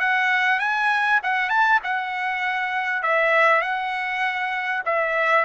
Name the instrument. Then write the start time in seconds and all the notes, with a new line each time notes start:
trumpet
0.00 F#5
0.60 G#5
1.23 F#5
1.50 A5
1.83 F#5
3.03 E5
3.62 F#5
4.86 E5